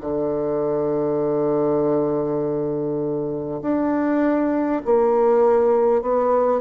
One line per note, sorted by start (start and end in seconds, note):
0.00 3.60 D3
3.62 4.82 D4
4.84 6.01 A#3
6.01 6.61 B3